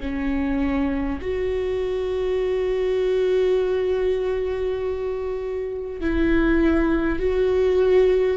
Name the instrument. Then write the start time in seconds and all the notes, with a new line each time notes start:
viola
0.00 C#4
1.22 F#4
6.01 E4
7.19 F#4